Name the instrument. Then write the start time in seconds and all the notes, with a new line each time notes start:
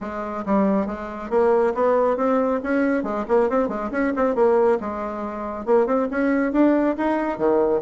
bassoon
0.00 G#3
0.45 G3
0.86 G#3
1.29 A#3
1.74 B3
2.17 C4
2.63 C#4
3.03 G#3
3.27 A#3
3.49 C4
3.68 G#3
3.91 C#4
4.16 C4
4.35 A#3
4.80 G#3
5.65 A#3
5.86 C4
6.10 C#4
6.52 D4
6.97 D#4
7.38 D#3